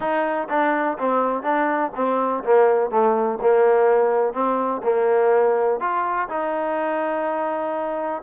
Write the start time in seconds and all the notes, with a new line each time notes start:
0.00 D#4
0.49 D4
0.98 C4
1.43 D4
1.95 C4
2.43 A#3
2.90 A3
3.41 A#3
4.33 C4
4.83 A#3
5.80 F4
6.29 D#4